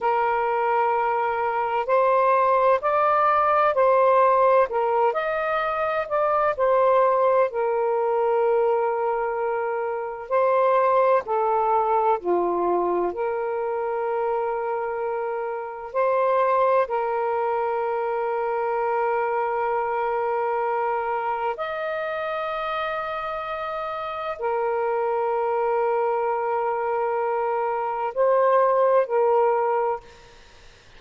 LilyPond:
\new Staff \with { instrumentName = "saxophone" } { \time 4/4 \tempo 4 = 64 ais'2 c''4 d''4 | c''4 ais'8 dis''4 d''8 c''4 | ais'2. c''4 | a'4 f'4 ais'2~ |
ais'4 c''4 ais'2~ | ais'2. dis''4~ | dis''2 ais'2~ | ais'2 c''4 ais'4 | }